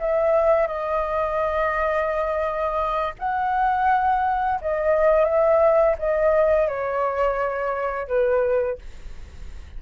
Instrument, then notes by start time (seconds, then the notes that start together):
flute
0.00 E5
0.68 D#5
3.19 F#5
4.62 D#5
5.25 E5
5.99 D#5
6.68 C#5
8.08 B4